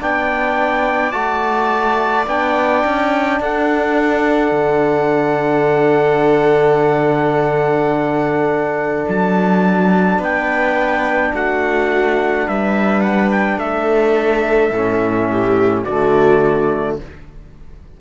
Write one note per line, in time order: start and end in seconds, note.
0.00 1.14 B3
0.00 1.12 D4
0.00 3.40 D5
0.00 1.12 G5
1.12 2.27 A3
1.12 2.25 F#4
1.12 2.25 A5
2.27 2.84 B3
2.27 14.73 D4
2.27 3.41 G5
2.85 3.40 C#4
3.40 4.52 D4
3.40 10.18 A4
3.40 9.08 F#5
4.52 9.05 D3
9.09 10.19 F#3
9.09 10.23 A5
10.18 11.32 B3
10.18 11.32 B4
10.18 11.35 G5
11.34 12.48 A3
11.34 12.46 F#4
11.34 12.48 F#5
12.46 13.58 G3
12.46 13.59 B4
12.46 13.01 E5
13.01 13.29 F#5
13.31 13.59 G5
13.58 14.71 A3
13.58 15.31 A4
13.58 15.84 E5
14.71 15.84 A2
14.71 15.87 C#4
15.31 15.84 G4
15.84 17.00 D3
15.84 17.00 A3
15.84 16.97 F#4
15.84 16.97 D5